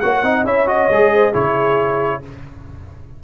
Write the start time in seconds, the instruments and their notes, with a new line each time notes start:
0.00 tuba A#3, trombone F#4, horn C#5, trumpet F#5
0.23 tuba C4, trombone D#4, horn D#5
0.44 tuba C#4, trombone E4, horn C#5, trumpet E5
0.66 trombone F#4, trumpet D#5
0.89 tuba G#3, trombone G#4
1.14 horn C5
1.32 tuba C#3, trombone E4, horn G#4, trumpet C#5